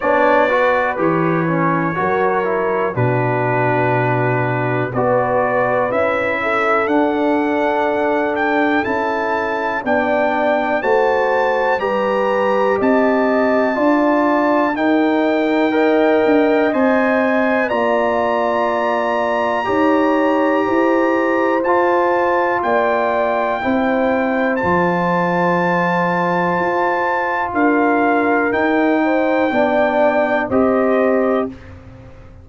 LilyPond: <<
  \new Staff \with { instrumentName = "trumpet" } { \time 4/4 \tempo 4 = 61 d''4 cis''2 b'4~ | b'4 d''4 e''4 fis''4~ | fis''8 g''8 a''4 g''4 a''4 | ais''4 a''2 g''4~ |
g''4 gis''4 ais''2~ | ais''2 a''4 g''4~ | g''4 a''2. | f''4 g''2 dis''4 | }
  \new Staff \with { instrumentName = "horn" } { \time 4/4 cis''8 b'4. ais'4 fis'4~ | fis'4 b'4. a'4.~ | a'2 d''4 c''4 | b'4 dis''4 d''4 ais'4 |
dis''2 d''2 | cis''4 c''2 d''4 | c''1 | ais'4. c''8 d''4 c''4 | }
  \new Staff \with { instrumentName = "trombone" } { \time 4/4 d'8 fis'8 g'8 cis'8 fis'8 e'8 d'4~ | d'4 fis'4 e'4 d'4~ | d'4 e'4 d'4 fis'4 | g'2 f'4 dis'4 |
ais'4 c''4 f'2 | g'2 f'2 | e'4 f'2.~ | f'4 dis'4 d'4 g'4 | }
  \new Staff \with { instrumentName = "tuba" } { \time 4/4 b4 e4 fis4 b,4~ | b,4 b4 cis'4 d'4~ | d'4 cis'4 b4 a4 | g4 c'4 d'4 dis'4~ |
dis'8 d'8 c'4 ais2 | dis'4 e'4 f'4 ais4 | c'4 f2 f'4 | d'4 dis'4 b4 c'4 | }
>>